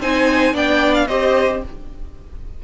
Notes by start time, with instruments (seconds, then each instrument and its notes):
0.00 cello C4, viola D#4, violin C5 G#5
0.53 cello B3, viola D4, violin D5 G5
0.94 violin F5
1.08 cello C4, viola G4, violin C5 D#5